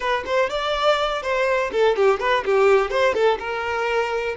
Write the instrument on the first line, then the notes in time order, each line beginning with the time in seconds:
violin
0.00 B4
0.25 C5
0.49 D5
1.22 C5
1.72 A4
1.96 G4
2.19 B4
2.45 G4
2.90 C5
3.13 A4
3.39 A#4